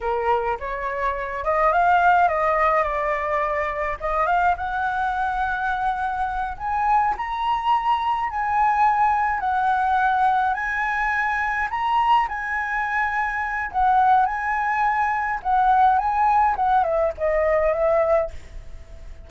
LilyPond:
\new Staff \with { instrumentName = "flute" } { \time 4/4 \tempo 4 = 105 ais'4 cis''4. dis''8 f''4 | dis''4 d''2 dis''8 f''8 | fis''2.~ fis''8 gis''8~ | gis''8 ais''2 gis''4.~ |
gis''8 fis''2 gis''4.~ | gis''8 ais''4 gis''2~ gis''8 | fis''4 gis''2 fis''4 | gis''4 fis''8 e''8 dis''4 e''4 | }